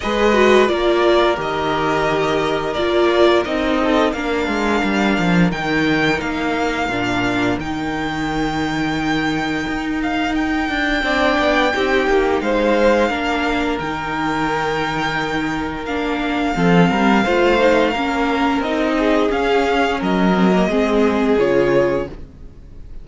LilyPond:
<<
  \new Staff \with { instrumentName = "violin" } { \time 4/4 \tempo 4 = 87 dis''4 d''4 dis''2 | d''4 dis''4 f''2 | g''4 f''2 g''4~ | g''2~ g''8 f''8 g''4~ |
g''2 f''2 | g''2. f''4~ | f''2. dis''4 | f''4 dis''2 cis''4 | }
  \new Staff \with { instrumentName = "violin" } { \time 4/4 b'4 ais'2.~ | ais'4. a'8 ais'2~ | ais'1~ | ais'1 |
d''4 g'4 c''4 ais'4~ | ais'1 | a'8 ais'8 c''4 ais'4. gis'8~ | gis'4 ais'4 gis'2 | }
  \new Staff \with { instrumentName = "viola" } { \time 4/4 gis'8 fis'8 f'4 g'2 | f'4 dis'4 d'2 | dis'2 d'4 dis'4~ | dis'1 |
d'4 dis'2 d'4 | dis'2. d'4 | c'4 f'8 dis'8 cis'4 dis'4 | cis'4. c'16 ais16 c'4 f'4 | }
  \new Staff \with { instrumentName = "cello" } { \time 4/4 gis4 ais4 dis2 | ais4 c'4 ais8 gis8 g8 f8 | dis4 ais4 ais,4 dis4~ | dis2 dis'4. d'8 |
c'8 b8 c'8 ais8 gis4 ais4 | dis2. ais4 | f8 g8 a4 ais4 c'4 | cis'4 fis4 gis4 cis4 | }
>>